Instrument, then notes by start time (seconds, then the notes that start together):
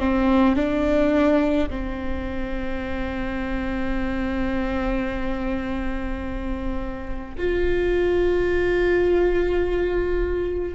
viola
0.00 C4
0.57 D4
1.70 C4
7.38 F4